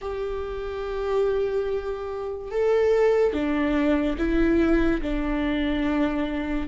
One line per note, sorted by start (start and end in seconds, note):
0.01 2.51 G4
2.51 3.33 A4
3.33 4.16 D4
4.17 5.01 E4
5.01 6.67 D4